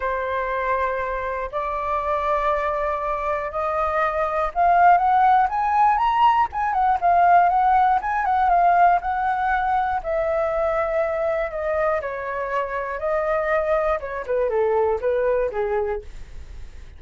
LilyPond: \new Staff \with { instrumentName = "flute" } { \time 4/4 \tempo 4 = 120 c''2. d''4~ | d''2. dis''4~ | dis''4 f''4 fis''4 gis''4 | ais''4 gis''8 fis''8 f''4 fis''4 |
gis''8 fis''8 f''4 fis''2 | e''2. dis''4 | cis''2 dis''2 | cis''8 b'8 a'4 b'4 gis'4 | }